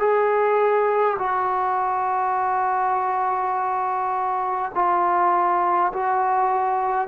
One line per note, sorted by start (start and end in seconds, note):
0.00 1.18 G#4
1.19 4.72 F#4
4.75 5.93 F4
5.94 7.08 F#4